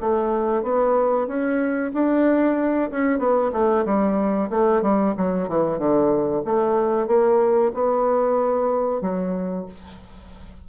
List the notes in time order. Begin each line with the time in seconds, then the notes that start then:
0.00 A3
0.62 B3
1.27 C#4
1.94 D4
2.91 C#4
3.18 B3
3.52 A3
3.85 G3
4.50 A3
4.82 G3
5.17 F#3
5.48 E3
5.78 D3
6.45 A3
7.07 A#3
7.74 B3
9.01 F#3